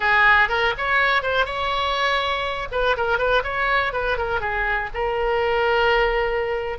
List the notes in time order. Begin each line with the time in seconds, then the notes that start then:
0.00 G#4
0.49 A#4
0.77 C#5
1.22 C5
1.45 C#5
2.71 B4
2.96 A#4
3.18 B4
3.43 C#5
3.92 B4
4.17 A#4
4.40 G#4
4.94 A#4